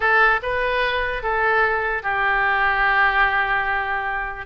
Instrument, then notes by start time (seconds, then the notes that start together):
oboe
0.00 A4
0.42 B4
1.23 A4
2.02 G4